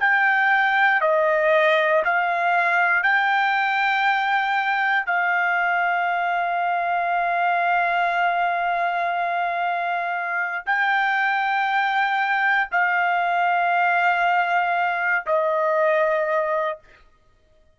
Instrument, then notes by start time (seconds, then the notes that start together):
trumpet
0.00 G5
1.02 D#5
2.05 F5
3.03 G5
5.06 F5
10.66 G5
12.72 F5
15.27 D#5